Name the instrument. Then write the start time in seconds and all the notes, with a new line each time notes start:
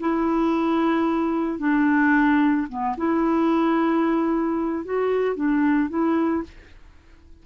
clarinet
0.00 E4
1.59 D4
2.69 B3
2.97 E4
4.85 F#4
5.35 D4
5.89 E4